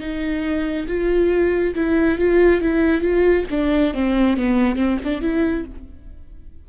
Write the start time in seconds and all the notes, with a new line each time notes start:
0.00 D#4
0.87 F4
1.75 E4
2.18 F4
2.61 E4
3.01 F4
3.51 D4
3.94 C4
4.37 B3
4.76 C4
5.04 D4
5.21 E4